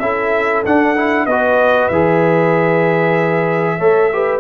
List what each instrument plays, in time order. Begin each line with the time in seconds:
0.00 tuba C#4, trombone E4, horn A4, trumpet E5
0.66 trombone D4, tuba D4, trumpet F#5
0.96 trombone E4
1.26 tuba B3, trombone F#4, horn B4, trumpet D#5
1.88 tuba E3, trombone G#4, trumpet E5
3.78 tuba A3, trombone A4, horn C#5
4.13 trombone G4, horn B4